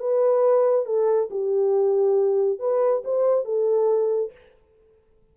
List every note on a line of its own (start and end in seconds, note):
0.00 0.86 B4
0.86 1.30 A4
1.31 2.60 G4
2.60 3.03 B4
3.05 3.45 C5
3.45 4.32 A4